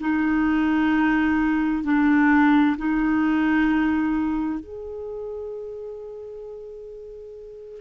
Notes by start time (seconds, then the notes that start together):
0.00 D#4
1.84 D4
2.77 D#4
4.59 G#4